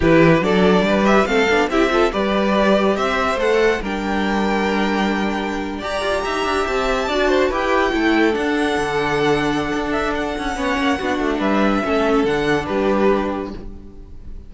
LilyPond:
<<
  \new Staff \with { instrumentName = "violin" } { \time 4/4 \tempo 4 = 142 b'4 d''4. e''8 f''4 | e''4 d''2 e''4 | fis''4 g''2.~ | g''4.~ g''16 ais''2 a''16~ |
a''4.~ a''16 g''2 fis''16~ | fis''2.~ fis''8 e''8 | fis''2. e''4~ | e''4 fis''4 b'2 | }
  \new Staff \with { instrumentName = "violin" } { \time 4/4 g'4 a'4 b'4 a'4 | g'8 a'8 b'2 c''4~ | c''4 ais'2.~ | ais'4.~ ais'16 d''4 e''4~ e''16~ |
e''8. d''8 c''8 b'4 a'4~ a'16~ | a'1~ | a'4 cis''4 fis'4 b'4 | a'2 g'2 | }
  \new Staff \with { instrumentName = "viola" } { \time 4/4 e'4 d'4. g'8 c'8 d'8 | e'8 f'8 g'2. | a'4 d'2.~ | d'4.~ d'16 g'2~ g'16~ |
g'8. fis'4 g'4 e'4 d'16~ | d'1~ | d'4 cis'4 d'2 | cis'4 d'2. | }
  \new Staff \with { instrumentName = "cello" } { \time 4/4 e4 fis4 g4 a8 b8 | c'4 g2 c'4 | a4 g2.~ | g4.~ g16 g'8 f'8 dis'8 d'8 c'16~ |
c'8. d'4 e'4 a4 d'16~ | d'8. d2~ d16 d'4~ | d'8 cis'8 b8 ais8 b8 a8 g4 | a4 d4 g2 | }
>>